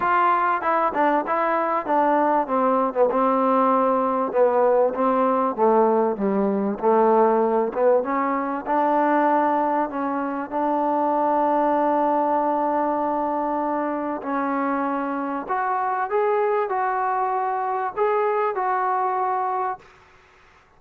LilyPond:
\new Staff \with { instrumentName = "trombone" } { \time 4/4 \tempo 4 = 97 f'4 e'8 d'8 e'4 d'4 | c'8. b16 c'2 b4 | c'4 a4 g4 a4~ | a8 b8 cis'4 d'2 |
cis'4 d'2.~ | d'2. cis'4~ | cis'4 fis'4 gis'4 fis'4~ | fis'4 gis'4 fis'2 | }